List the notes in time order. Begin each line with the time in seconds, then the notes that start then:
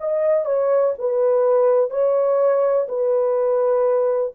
0.00 D#5
0.46 C#5
0.99 B4
1.91 C#5
2.89 B4